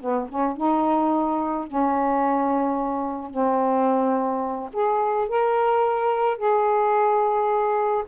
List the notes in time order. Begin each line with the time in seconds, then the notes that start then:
0.00 B3
0.29 C#4
0.57 D#4
1.67 C#4
3.30 C4
4.73 G#4
5.28 A#4
6.37 G#4